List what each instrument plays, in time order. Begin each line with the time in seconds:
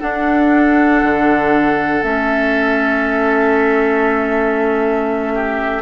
0.00 clarinet D4, bassoon D4, oboe A4, flute F#5
1.04 bassoon D3
2.03 bassoon A3, clarinet C#4, flute E5
5.35 oboe G4